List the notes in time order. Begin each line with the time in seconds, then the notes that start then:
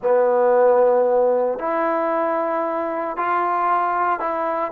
0.02 B3
1.58 E4
3.16 F4
4.19 E4